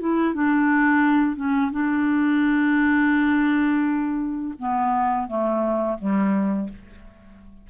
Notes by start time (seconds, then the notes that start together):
0.00 E4
0.34 D4
1.36 C#4
1.72 D4
4.59 B3
5.28 A3
5.99 G3